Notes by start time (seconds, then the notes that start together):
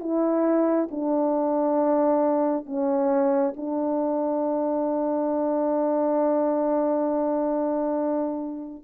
0.00 E4
0.91 D4
2.66 C#4
3.57 D4